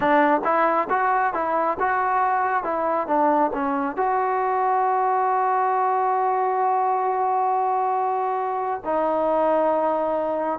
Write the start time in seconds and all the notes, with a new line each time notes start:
0.00 D4
0.44 E4
0.89 F#4
1.33 E4
1.79 F#4
2.63 E4
3.06 D4
3.53 C#4
3.96 F#4
8.84 D#4